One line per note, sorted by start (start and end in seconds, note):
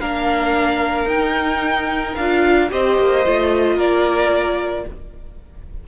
0.00 1.05 A#3
0.00 1.08 D4
0.00 2.71 A#4
0.00 1.08 F5
1.05 2.13 D#4
1.05 2.18 D#4
1.05 2.15 G5
2.15 2.71 D4
2.15 2.69 F4
2.15 2.69 F5
2.69 2.99 C4
2.69 3.23 G4
2.69 3.76 C5
2.69 3.79 D#5
2.99 3.26 A#3
3.25 3.76 A3
3.25 4.87 F4
3.76 4.85 A#3
3.76 4.84 A#4
3.76 4.87 D5